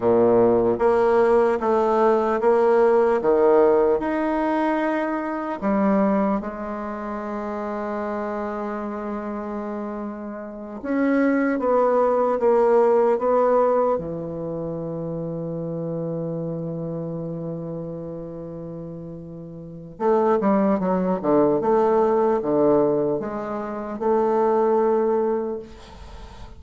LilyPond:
\new Staff \with { instrumentName = "bassoon" } { \time 4/4 \tempo 4 = 75 ais,4 ais4 a4 ais4 | dis4 dis'2 g4 | gis1~ | gis4. cis'4 b4 ais8~ |
ais8 b4 e2~ e8~ | e1~ | e4 a8 g8 fis8 d8 a4 | d4 gis4 a2 | }